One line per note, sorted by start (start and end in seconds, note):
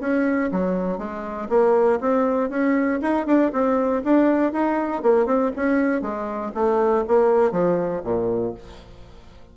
0.00 0.50 C#4
0.52 0.98 F#3
0.98 1.48 G#3
1.49 2.00 A#3
2.00 2.50 C4
2.50 3.00 C#4
3.01 3.26 D#4
3.26 3.52 D4
3.52 4.03 C4
4.04 4.52 D4
4.52 5.03 D#4
5.03 5.26 A#3
5.26 5.51 C4
5.56 6.02 C#4
6.02 6.52 G#3
6.54 7.05 A3
7.07 7.51 A#3
7.51 8.02 F3
8.04 8.54 A#2